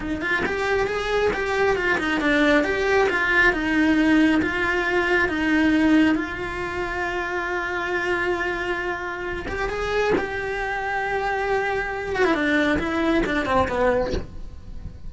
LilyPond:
\new Staff \with { instrumentName = "cello" } { \time 4/4 \tempo 4 = 136 dis'8 f'8 g'4 gis'4 g'4 | f'8 dis'8 d'4 g'4 f'4 | dis'2 f'2 | dis'2 f'2~ |
f'1~ | f'4. g'8 gis'4 g'4~ | g'2.~ g'8 fis'16 e'16 | d'4 e'4 d'8 c'8 b4 | }